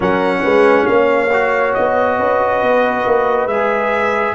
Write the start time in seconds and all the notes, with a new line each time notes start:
0.00 F#3 C#4 A#4 F#5
0.42 G#3 B4
0.86 A#3 C#5 F5
1.32 F#4
1.74 B3 D#5
2.17 C#4 B4
2.62 B3
3.06 A#3
3.46 G#3 G#4 E5